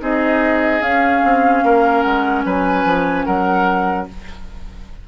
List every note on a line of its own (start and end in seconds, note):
0.00 0.81 C4
0.00 0.81 D#4
0.00 1.65 G#4
0.00 0.82 D#5
0.81 1.22 C#4
0.81 4.08 C#4
0.81 2.02 F5
1.24 1.63 C4
1.63 2.04 A#3
1.63 2.46 A#4
2.02 2.45 G#3
2.02 2.43 F#5
2.45 2.85 F#3
2.45 3.26 B4
2.45 3.25 G#5
2.85 3.26 F3
3.25 4.08 F#3
3.25 4.07 A#4
3.25 4.06 F#5